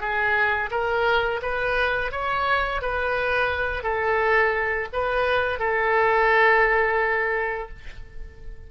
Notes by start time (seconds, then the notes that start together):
0.00 G#4
0.71 A#4
1.42 B4
2.12 C#5
2.81 B4
3.83 A4
4.92 B4
5.59 A4